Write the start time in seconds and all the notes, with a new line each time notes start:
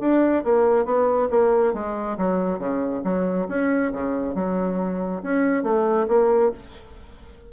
0.00 D4
0.44 A#3
0.85 B3
1.30 A#3
1.73 G#3
2.18 F#3
2.58 C#3
3.04 F#3
3.48 C#4
3.92 C#3
4.35 F#3
5.23 C#4
5.63 A3
6.08 A#3